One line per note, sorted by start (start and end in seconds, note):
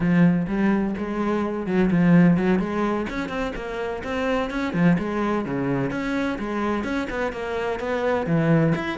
0.00 0.46 F3
0.47 0.94 G3
0.97 1.66 G#3
1.66 1.90 F#3
1.90 2.37 F3
2.37 2.59 F#3
2.59 3.06 G#3
3.09 3.28 C#4
3.28 3.52 C4
3.55 4.02 A#3
4.03 4.50 C4
4.50 4.73 C#4
4.73 4.97 F3
4.98 5.45 G#3
5.45 5.91 C#3
5.91 6.38 C#4
6.38 6.84 G#3
6.84 7.07 C#4
7.10 7.32 B3
7.32 7.79 A#3
7.79 8.26 B3
8.26 8.73 E3
8.75 8.98 E4